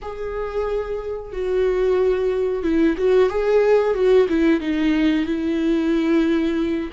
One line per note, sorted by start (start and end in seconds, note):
0.02 1.32 G#4
1.32 2.63 F#4
2.63 2.96 E4
2.97 3.29 F#4
3.29 3.94 G#4
3.94 4.27 F#4
4.29 4.60 E4
4.60 5.25 D#4
5.25 6.90 E4